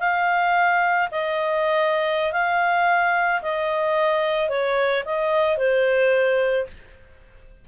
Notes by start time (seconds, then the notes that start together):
0.00 F5
1.12 D#5
2.33 F5
3.42 D#5
4.50 C#5
5.06 D#5
5.58 C5